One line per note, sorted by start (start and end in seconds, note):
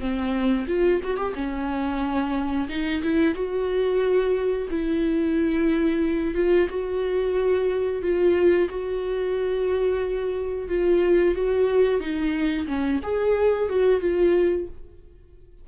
0.00 0.67 C4
0.68 1.01 F4
1.04 1.18 F#4
1.18 1.34 G4
1.35 2.68 C#4
2.69 3.02 D#4
3.03 3.35 E4
3.35 4.68 F#4
4.71 6.35 E4
6.35 6.68 F4
6.70 8.02 F#4
8.02 8.69 F4
8.70 10.69 F#4
10.69 11.35 F4
11.35 12.01 F#4
12.01 12.67 D#4
12.67 13.01 C#4
13.03 13.70 G#4
13.70 14.01 F#4
14.01 14.68 F4